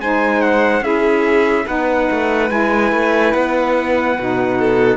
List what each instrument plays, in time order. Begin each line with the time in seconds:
0.00 cello G#3, saxophone D#4, violin C5, trumpet G#5
0.41 trumpet F#5
0.81 cello C#4, saxophone E4, violin G#4, trumpet E5
1.65 cello B3, saxophone D#4, violin B4, trumpet F#5
2.11 cello A3
2.48 cello G#3, saxophone E4, trumpet G#5
2.92 cello A3
3.33 cello B3, trumpet F#5
4.19 cello B2, saxophone D#4
4.58 violin A4